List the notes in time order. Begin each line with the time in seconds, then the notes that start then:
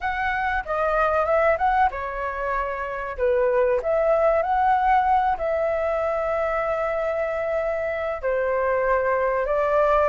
0.01 F#5
0.65 D#5
1.25 E5
1.58 F#5
1.90 C#5
3.18 B4
3.82 E5
4.42 F#5
5.37 E5
8.21 C5
9.46 D5